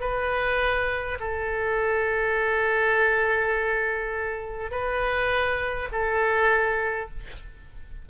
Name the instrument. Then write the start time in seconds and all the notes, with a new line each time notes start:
oboe
0.00 B4
1.19 A4
4.71 B4
5.91 A4